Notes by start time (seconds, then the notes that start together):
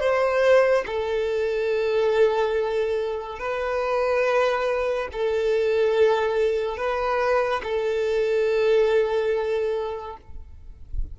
0.00 C5
0.86 A4
3.39 B4
5.12 A4
6.77 B4
7.63 A4